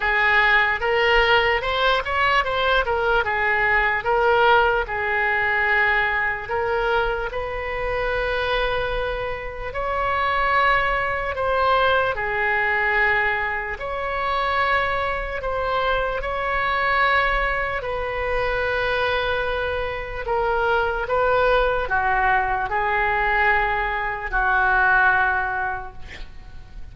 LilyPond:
\new Staff \with { instrumentName = "oboe" } { \time 4/4 \tempo 4 = 74 gis'4 ais'4 c''8 cis''8 c''8 ais'8 | gis'4 ais'4 gis'2 | ais'4 b'2. | cis''2 c''4 gis'4~ |
gis'4 cis''2 c''4 | cis''2 b'2~ | b'4 ais'4 b'4 fis'4 | gis'2 fis'2 | }